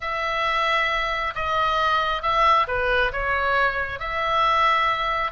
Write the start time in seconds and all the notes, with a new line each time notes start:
0.00 E5
1.35 D#5
2.22 E5
2.67 B4
3.12 C#5
3.99 E5